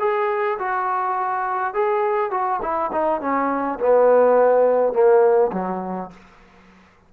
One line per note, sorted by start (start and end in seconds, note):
0.00 0.58 G#4
0.59 1.74 F#4
1.74 2.31 G#4
2.31 2.60 F#4
2.62 2.91 E4
2.92 3.21 D#4
3.21 3.79 C#4
3.80 4.93 B3
4.93 5.51 A#3
5.53 6.11 F#3